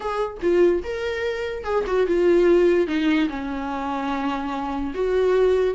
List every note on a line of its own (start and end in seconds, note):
0.00 0.37 G#4
0.41 0.83 F4
0.83 1.63 A#4
1.63 1.84 G#4
1.86 2.07 F#4
2.07 2.87 F4
2.87 3.28 D#4
3.29 4.93 C#4
4.94 5.74 F#4